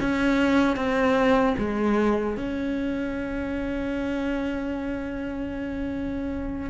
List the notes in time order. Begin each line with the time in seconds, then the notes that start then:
0.00 C#4
0.76 C4
1.58 G#3
2.37 C#4